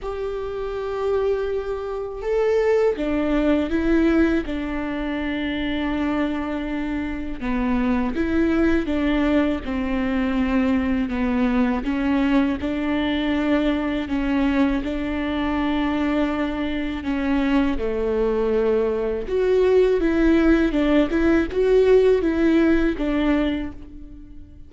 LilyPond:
\new Staff \with { instrumentName = "viola" } { \time 4/4 \tempo 4 = 81 g'2. a'4 | d'4 e'4 d'2~ | d'2 b4 e'4 | d'4 c'2 b4 |
cis'4 d'2 cis'4 | d'2. cis'4 | a2 fis'4 e'4 | d'8 e'8 fis'4 e'4 d'4 | }